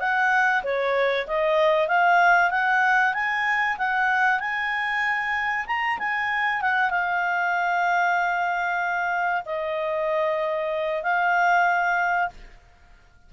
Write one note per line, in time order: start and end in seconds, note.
0.00 0.63 F#5
0.64 1.27 C#5
1.27 1.88 D#5
1.88 2.51 F5
2.51 3.14 F#5
3.14 3.77 G#5
3.78 4.40 F#5
4.40 5.66 G#5
5.67 5.98 A#5
5.99 6.61 G#5
6.61 6.90 F#5
6.90 9.43 F5
9.46 11.03 D#5
11.03 12.30 F5